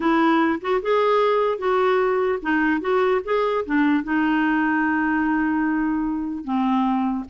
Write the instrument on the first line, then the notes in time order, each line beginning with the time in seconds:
clarinet
0.00 E4
0.61 F#4
0.82 G#4
1.58 F#4
2.42 D#4
2.80 F#4
3.24 G#4
3.65 D4
4.03 D#4
6.44 C4